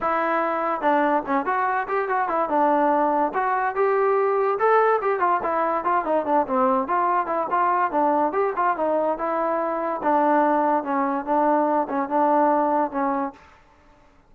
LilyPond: \new Staff \with { instrumentName = "trombone" } { \time 4/4 \tempo 4 = 144 e'2 d'4 cis'8 fis'8~ | fis'8 g'8 fis'8 e'8 d'2 | fis'4 g'2 a'4 | g'8 f'8 e'4 f'8 dis'8 d'8 c'8~ |
c'8 f'4 e'8 f'4 d'4 | g'8 f'8 dis'4 e'2 | d'2 cis'4 d'4~ | d'8 cis'8 d'2 cis'4 | }